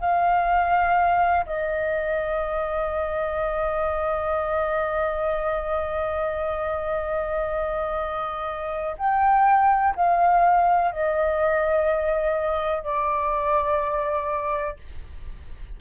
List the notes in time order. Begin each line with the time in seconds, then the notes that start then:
0.00 F5
1.46 D#5
8.98 G5
9.96 F5
10.92 D#5
12.83 D5